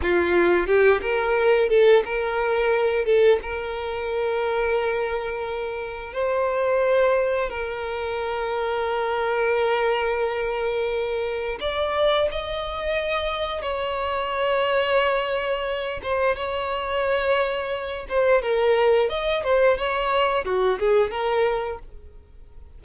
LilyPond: \new Staff \with { instrumentName = "violin" } { \time 4/4 \tempo 4 = 88 f'4 g'8 ais'4 a'8 ais'4~ | ais'8 a'8 ais'2.~ | ais'4 c''2 ais'4~ | ais'1~ |
ais'4 d''4 dis''2 | cis''2.~ cis''8 c''8 | cis''2~ cis''8 c''8 ais'4 | dis''8 c''8 cis''4 fis'8 gis'8 ais'4 | }